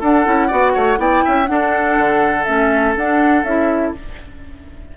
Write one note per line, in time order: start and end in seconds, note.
0.00 0.26 D4
0.00 0.25 D4
0.00 0.48 A4
0.00 1.00 F#5
0.25 0.51 C#4
0.25 0.49 E4
0.48 0.75 B3
0.48 0.96 F#4
0.48 0.72 D5
0.74 0.98 A3
0.74 0.98 C#5
0.96 1.23 B3
0.96 1.46 E4
0.96 1.24 D5
0.96 1.46 G5
1.24 1.49 C#4
1.24 1.49 E5
1.46 2.46 D4
1.46 1.98 D4
1.46 3.97 A4
1.46 2.44 F#5
1.98 2.47 D3
2.44 2.96 A3
2.44 2.95 C#4
2.44 2.93 E5
2.96 3.44 D4
2.96 3.45 D4
2.96 3.44 F#5
3.44 3.93 C#4
3.44 3.95 E4
3.44 3.93 E5